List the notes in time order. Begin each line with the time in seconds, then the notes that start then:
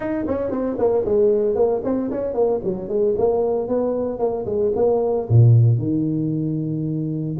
0.00 D#4
0.27 C#4
0.50 C4
0.78 A#3
1.05 G#3
1.55 A#3
1.84 C4
2.10 C#4
2.34 A#3
2.63 F#3
2.88 G#3
3.18 A#3
3.68 B3
4.18 A#3
4.45 G#3
4.75 A#3
5.28 A#2
5.78 D#3